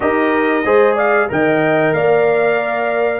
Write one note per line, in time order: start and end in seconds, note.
0.00 0.64 D#4
0.00 0.63 G4
0.00 0.65 A#4
0.00 0.97 D#5
0.64 1.29 G#3
0.64 1.29 G#4
0.64 0.95 C5
0.95 1.27 D5
0.95 1.29 F5
1.29 1.93 D#3
1.29 3.20 A#4
1.29 1.95 D#5
1.29 1.93 G5
1.93 3.20 A#3
1.93 3.20 D5
1.93 3.20 F5